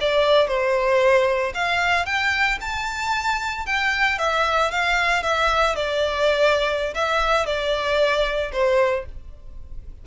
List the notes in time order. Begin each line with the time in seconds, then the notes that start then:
0.00 D5
0.47 C5
1.54 F5
2.05 G5
2.60 A5
3.66 G5
4.18 E5
4.71 F5
5.22 E5
5.75 D5
6.94 E5
7.46 D5
8.52 C5